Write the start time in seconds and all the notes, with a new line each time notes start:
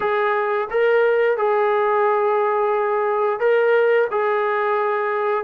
0.00 G#4
0.70 A#4
1.37 G#4
3.39 A#4
4.10 G#4